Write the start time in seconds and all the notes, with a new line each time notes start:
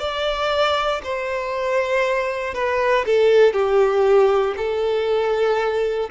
0.00 D5
1.04 C5
2.55 B4
3.06 A4
3.54 G4
4.58 A4